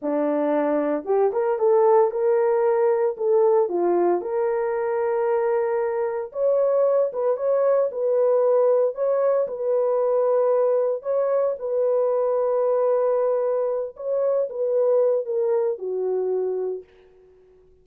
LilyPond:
\new Staff \with { instrumentName = "horn" } { \time 4/4 \tempo 4 = 114 d'2 g'8 ais'8 a'4 | ais'2 a'4 f'4 | ais'1 | cis''4. b'8 cis''4 b'4~ |
b'4 cis''4 b'2~ | b'4 cis''4 b'2~ | b'2~ b'8 cis''4 b'8~ | b'4 ais'4 fis'2 | }